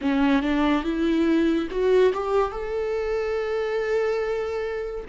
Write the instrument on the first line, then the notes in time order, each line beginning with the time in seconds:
viola
0.01 C#4
0.42 D4
0.83 E4
1.70 F#4
2.13 G4
2.51 A4